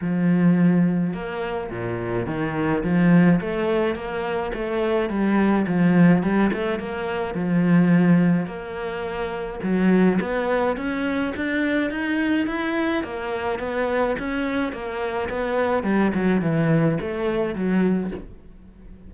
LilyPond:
\new Staff \with { instrumentName = "cello" } { \time 4/4 \tempo 4 = 106 f2 ais4 ais,4 | dis4 f4 a4 ais4 | a4 g4 f4 g8 a8 | ais4 f2 ais4~ |
ais4 fis4 b4 cis'4 | d'4 dis'4 e'4 ais4 | b4 cis'4 ais4 b4 | g8 fis8 e4 a4 fis4 | }